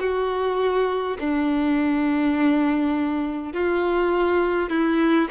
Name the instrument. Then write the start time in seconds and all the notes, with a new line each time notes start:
violin
0.00 F#4
1.20 D4
3.54 F4
4.70 E4